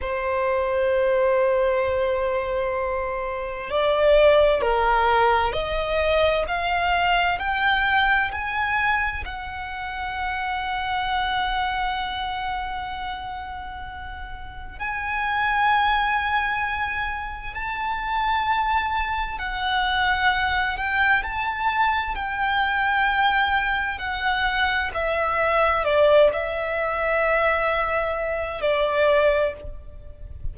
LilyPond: \new Staff \with { instrumentName = "violin" } { \time 4/4 \tempo 4 = 65 c''1 | d''4 ais'4 dis''4 f''4 | g''4 gis''4 fis''2~ | fis''1 |
gis''2. a''4~ | a''4 fis''4. g''8 a''4 | g''2 fis''4 e''4 | d''8 e''2~ e''8 d''4 | }